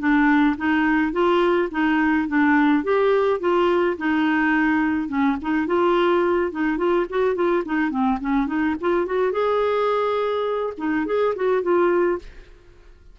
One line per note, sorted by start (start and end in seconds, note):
0.00 0.57 D4
0.58 1.13 D#4
1.13 1.70 F4
1.72 2.28 D#4
2.28 2.84 D4
2.84 3.41 G4
3.41 3.97 F4
3.98 5.09 D#4
5.09 5.37 C#4
5.42 5.67 D#4
5.67 6.52 F4
6.52 6.78 D#4
6.78 7.07 F4
7.10 7.36 F#4
7.36 7.64 F4
7.66 7.91 D#4
7.91 8.19 C4
8.21 8.48 C#4
8.48 8.76 D#4
8.81 9.07 F4
9.07 9.32 F#4
9.32 10.74 G#4
10.78 11.07 D#4
11.07 11.35 G#4
11.36 11.63 F#4
11.63 12.20 F4